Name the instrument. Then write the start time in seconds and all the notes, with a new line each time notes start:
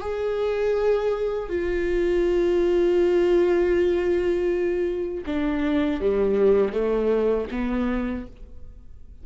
viola
0.00 G#4
1.49 F4
5.26 D4
6.00 G3
6.72 A3
7.51 B3